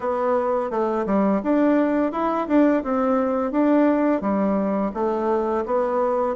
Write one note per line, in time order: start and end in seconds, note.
0.00 0.70 B3
0.70 1.05 A3
1.06 1.41 G3
1.43 2.12 D4
2.12 2.47 E4
2.48 2.83 D4
2.83 3.51 C4
3.51 4.21 D4
4.21 4.91 G3
4.94 5.64 A3
5.65 6.36 B3